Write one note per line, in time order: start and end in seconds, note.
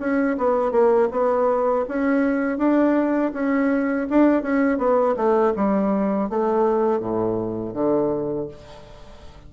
0.00 0.37 C#4
0.38 0.72 B3
0.72 1.09 A#3
1.11 1.86 B3
1.89 2.59 C#4
2.59 3.33 D4
3.34 4.08 C#4
4.10 4.43 D4
4.43 4.78 C#4
4.78 5.15 B3
5.16 5.54 A3
5.56 6.30 G3
6.30 7.00 A3
7.00 7.74 A2
7.74 8.48 D3